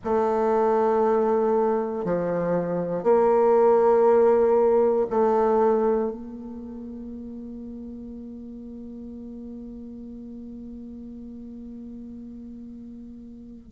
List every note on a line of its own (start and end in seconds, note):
0.04 2.04 A3
2.04 3.03 F3
3.03 5.06 A#3
5.09 6.11 A3
6.11 13.71 A#3